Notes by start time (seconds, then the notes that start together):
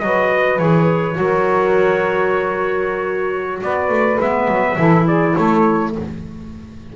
0.00 F#3 F#4 B4 D#5
0.58 E3 G#4 C#5
1.14 F#3 F#4 A#4
3.62 B3 B4 D5
3.89 A3
4.20 G#3 B3 E5
4.48 F#3
4.77 E3 E4 A4
5.05 G#4 D5
5.35 A3 A4 C#5